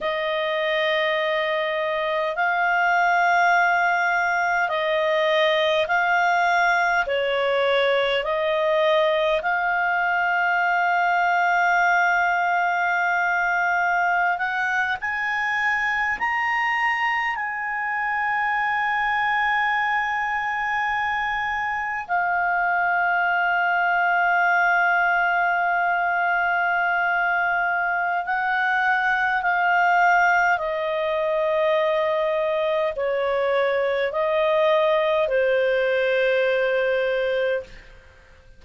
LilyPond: \new Staff \with { instrumentName = "clarinet" } { \time 4/4 \tempo 4 = 51 dis''2 f''2 | dis''4 f''4 cis''4 dis''4 | f''1~ | f''16 fis''8 gis''4 ais''4 gis''4~ gis''16~ |
gis''2~ gis''8. f''4~ f''16~ | f''1 | fis''4 f''4 dis''2 | cis''4 dis''4 c''2 | }